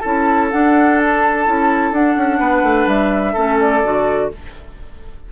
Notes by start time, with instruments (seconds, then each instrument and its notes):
0.00 bassoon C#4, clarinet E4, oboe A4, flute A5
0.51 clarinet D4, bassoon D4, flute F#5
0.99 flute A5
1.46 bassoon C#4, clarinet E4
1.92 bassoon D4, clarinet D4, flute F#5
2.16 bassoon C#4
2.40 bassoon B3, oboe B4
2.63 bassoon A3
2.87 bassoon G3, flute E5
3.34 bassoon A3, clarinet C#4, oboe A4
3.61 flute D5
3.84 bassoon D3, clarinet F#4